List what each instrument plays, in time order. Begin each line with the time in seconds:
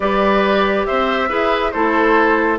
0.00 bassoon G3, clarinet G4, oboe B4, flute D5
0.86 bassoon C4, oboe C5, flute E5
1.28 bassoon E4, clarinet G#4, oboe B4
1.71 bassoon A3, clarinet E4, oboe A4, flute C5